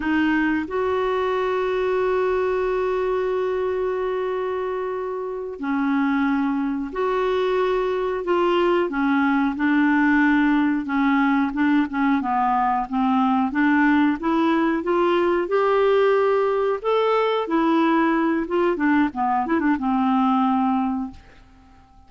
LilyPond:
\new Staff \with { instrumentName = "clarinet" } { \time 4/4 \tempo 4 = 91 dis'4 fis'2.~ | fis'1~ | fis'8 cis'2 fis'4.~ | fis'8 f'4 cis'4 d'4.~ |
d'8 cis'4 d'8 cis'8 b4 c'8~ | c'8 d'4 e'4 f'4 g'8~ | g'4. a'4 e'4. | f'8 d'8 b8 e'16 d'16 c'2 | }